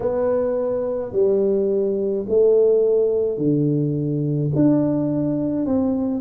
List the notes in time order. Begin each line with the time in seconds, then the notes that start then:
0.00 B3
1.12 G3
2.28 A3
3.37 D3
4.55 D4
5.65 C4